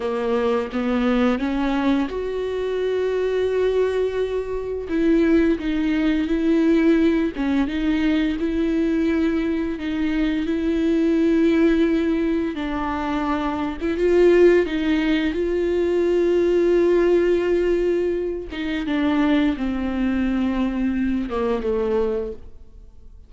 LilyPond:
\new Staff \with { instrumentName = "viola" } { \time 4/4 \tempo 4 = 86 ais4 b4 cis'4 fis'4~ | fis'2. e'4 | dis'4 e'4. cis'8 dis'4 | e'2 dis'4 e'4~ |
e'2 d'4.~ d'16 e'16 | f'4 dis'4 f'2~ | f'2~ f'8 dis'8 d'4 | c'2~ c'8 ais8 a4 | }